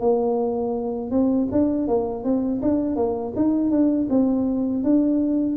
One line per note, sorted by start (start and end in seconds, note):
0.00 1.11 A#3
1.11 1.48 C4
1.52 1.88 D4
1.88 2.24 A#3
2.24 2.61 C4
2.62 2.96 D4
2.96 3.33 A#3
3.36 3.71 D#4
3.71 4.08 D4
4.10 4.84 C4
4.84 5.57 D4